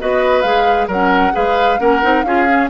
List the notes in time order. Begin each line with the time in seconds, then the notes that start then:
0.00 B3 F#4 B4 D#5
0.42 G#3 G#4 F5
0.88 F#3 A#4 F#5
0.94 C#4
1.32 G#3 G#4 B4 F5
1.78 A#3 C#4 A#4 F#5
2.02 C4 D#4
2.23 C#4 F4 G#4 F5
2.47 C#4